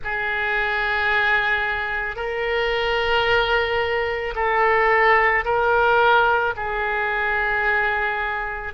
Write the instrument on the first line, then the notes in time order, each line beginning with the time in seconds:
oboe
0.03 G#4
2.15 A#4
4.35 A4
5.44 A#4
6.56 G#4